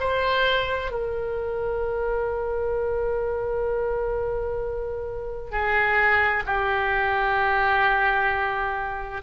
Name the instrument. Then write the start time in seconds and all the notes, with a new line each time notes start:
oboe
0.00 C5
0.91 A#4
5.51 G#4
6.46 G4